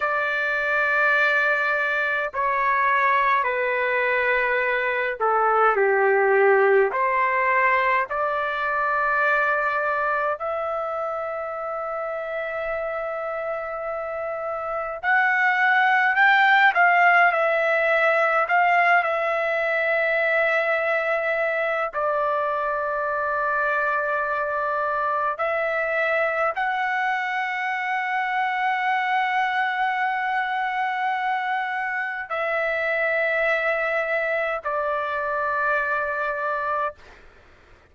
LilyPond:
\new Staff \with { instrumentName = "trumpet" } { \time 4/4 \tempo 4 = 52 d''2 cis''4 b'4~ | b'8 a'8 g'4 c''4 d''4~ | d''4 e''2.~ | e''4 fis''4 g''8 f''8 e''4 |
f''8 e''2~ e''8 d''4~ | d''2 e''4 fis''4~ | fis''1 | e''2 d''2 | }